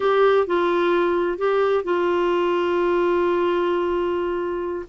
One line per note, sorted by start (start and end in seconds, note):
0.00 0.47 G4
0.47 1.37 F4
1.37 1.84 G4
1.84 4.86 F4